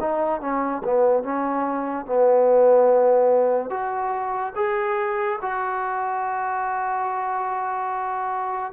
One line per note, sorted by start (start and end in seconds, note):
0.00 0.41 D#4
0.41 0.82 C#4
0.84 1.23 B3
1.23 2.06 C#4
2.06 3.70 B3
3.70 4.53 F#4
4.56 5.39 G#4
5.42 8.73 F#4